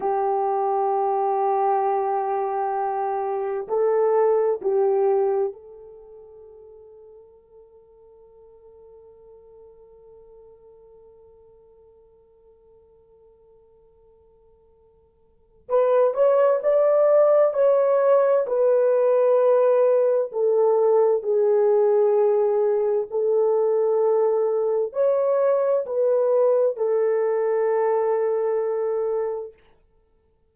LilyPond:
\new Staff \with { instrumentName = "horn" } { \time 4/4 \tempo 4 = 65 g'1 | a'4 g'4 a'2~ | a'1~ | a'1~ |
a'4 b'8 cis''8 d''4 cis''4 | b'2 a'4 gis'4~ | gis'4 a'2 cis''4 | b'4 a'2. | }